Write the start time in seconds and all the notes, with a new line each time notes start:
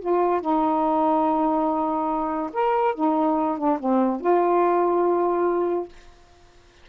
0.00 F4
0.41 D#4
2.53 A#4
2.95 D#4
3.58 D4
3.79 C4
4.21 F4